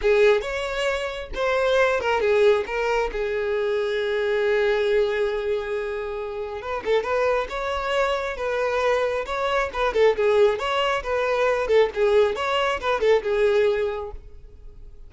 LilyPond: \new Staff \with { instrumentName = "violin" } { \time 4/4 \tempo 4 = 136 gis'4 cis''2 c''4~ | c''8 ais'8 gis'4 ais'4 gis'4~ | gis'1~ | gis'2. b'8 a'8 |
b'4 cis''2 b'4~ | b'4 cis''4 b'8 a'8 gis'4 | cis''4 b'4. a'8 gis'4 | cis''4 b'8 a'8 gis'2 | }